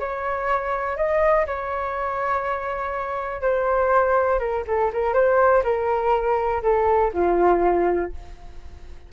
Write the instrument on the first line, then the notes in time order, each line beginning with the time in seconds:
flute
0.00 C#5
0.97 D#5
1.46 C#5
3.42 C5
4.39 A#4
4.67 A4
4.93 A#4
5.14 C5
5.64 A#4
6.63 A4
7.14 F4